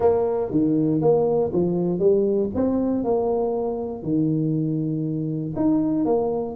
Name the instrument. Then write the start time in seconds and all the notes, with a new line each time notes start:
tuba
0.00 A#3
0.50 D#3
1.01 A#3
1.53 F3
1.99 G3
2.54 C4
3.04 A#3
4.02 D#3
5.56 D#4
6.05 A#3